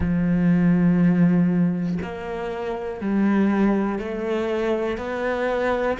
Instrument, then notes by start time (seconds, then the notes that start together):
cello
0.00 F3
2.02 A#3
3.00 G3
3.99 A3
4.97 B3